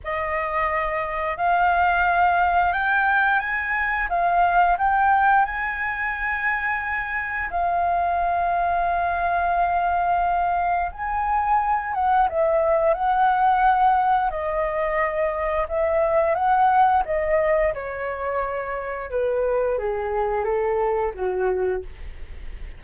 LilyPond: \new Staff \with { instrumentName = "flute" } { \time 4/4 \tempo 4 = 88 dis''2 f''2 | g''4 gis''4 f''4 g''4 | gis''2. f''4~ | f''1 |
gis''4. fis''8 e''4 fis''4~ | fis''4 dis''2 e''4 | fis''4 dis''4 cis''2 | b'4 gis'4 a'4 fis'4 | }